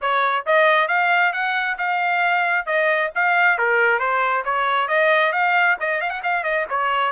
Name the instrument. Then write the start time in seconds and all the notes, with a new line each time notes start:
trumpet
0.01 C#5
0.46 D#5
0.88 F5
1.33 F#5
1.78 F5
2.65 D#5
3.15 F5
3.58 A#4
3.99 C5
4.44 C#5
4.88 D#5
5.32 F5
5.80 D#5
6.00 F5
6.09 F#5
6.23 F5
6.43 D#5
6.69 C#5